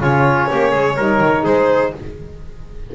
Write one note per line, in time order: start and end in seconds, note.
0.00 0.48 C#3
0.00 0.98 C#4
0.00 0.50 F4
0.00 1.45 C#5
0.51 0.75 A#3
0.51 0.71 G4
0.71 0.98 G#3
0.71 0.96 G#4
0.97 1.21 G3
0.97 1.95 D#4
0.97 1.43 A#4
1.21 1.45 D#3
1.43 1.93 G#3
1.43 1.91 G#4
1.43 1.93 C5